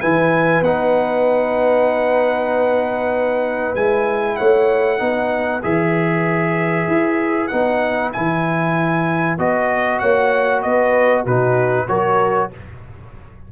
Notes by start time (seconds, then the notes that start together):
0.00 E3 E4 B4 G#5
0.61 B3 D#4 F#5
3.75 G#3 E4 G#5
4.37 A3 C#5 F#5
4.99 B3 D#4 B4
5.63 E3 G#4 E5
6.88 E4
7.48 B3 D#4 F#5
8.13 E3 E4 G#5
9.39 B3 F#4 D#5
9.99 A#3 C#5 F#5
10.63 B3 B4 D#5
11.24 B2 D#4 F#4 B4
11.88 F#3 F#4 A#4 C#5